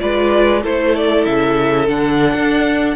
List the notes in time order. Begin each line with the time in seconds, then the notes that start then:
0.00 G#3 F4 B4 D5
0.63 A3 E4 A4 C5
0.96 D5
1.25 C#3 E5
1.88 D3 D4 F#5
2.35 D4